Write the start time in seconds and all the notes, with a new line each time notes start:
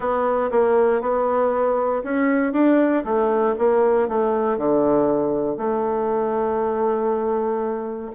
0.00 B3
0.51 A#3
1.01 B3
2.03 C#4
2.52 D4
3.04 A3
3.58 A#3
4.08 A3
4.57 D3
5.57 A3